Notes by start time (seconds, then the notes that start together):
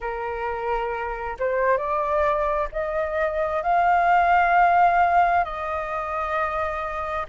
0.00 A#4
1.39 C5
1.77 D5
2.71 D#5
3.62 F5
5.44 D#5